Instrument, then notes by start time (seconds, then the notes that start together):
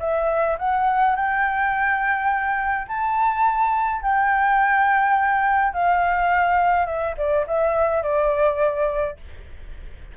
flute
0.00 E5
0.59 F#5
1.16 G5
2.88 A5
4.02 G5
5.74 F5
6.86 E5
7.18 D5
7.47 E5
8.03 D5